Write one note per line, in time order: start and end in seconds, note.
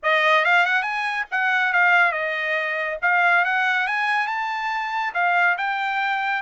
0.02 0.44 D#5
0.44 0.65 F5
0.65 0.82 F#5
0.82 1.25 G#5
1.31 1.73 F#5
1.73 2.12 F5
2.12 2.97 D#5
3.02 3.44 F5
3.44 3.87 F#5
3.87 4.27 G#5
4.27 5.13 A5
5.14 5.56 F5
5.57 6.42 G5